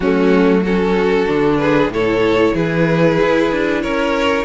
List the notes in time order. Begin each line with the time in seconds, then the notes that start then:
0.00 F#3 A3 C#4 F#4
0.61 C#4 F#4 A4
1.26 D3 D4
1.57 G#4 B4
1.88 A2 E4 A4 C#5
2.53 E3 G#4 B4
3.21 E4
3.52 D4
3.82 C#4 A#4 C#5